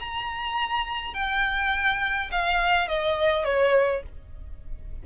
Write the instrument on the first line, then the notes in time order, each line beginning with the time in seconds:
violin
0.00 A#5
1.14 G5
2.31 F5
2.88 D#5
3.44 C#5